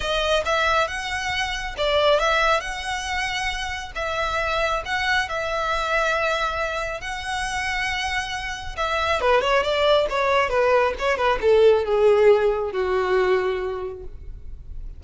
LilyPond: \new Staff \with { instrumentName = "violin" } { \time 4/4 \tempo 4 = 137 dis''4 e''4 fis''2 | d''4 e''4 fis''2~ | fis''4 e''2 fis''4 | e''1 |
fis''1 | e''4 b'8 cis''8 d''4 cis''4 | b'4 cis''8 b'8 a'4 gis'4~ | gis'4 fis'2. | }